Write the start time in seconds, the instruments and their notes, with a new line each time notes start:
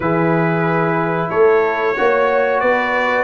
0.00 tuba E3, trombone E4, horn G#4, trumpet B4
1.29 tuba A3, horn A4, trumpet C#5
1.96 tuba A#3, trombone F#4, horn C#5
2.60 tuba B3, horn B4, trumpet D5